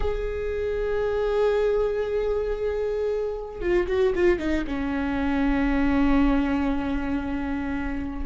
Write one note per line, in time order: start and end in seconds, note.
0.00 3.60 G#4
3.60 3.86 F4
3.87 4.13 F#4
4.15 4.38 F4
4.38 4.64 D#4
4.66 8.25 C#4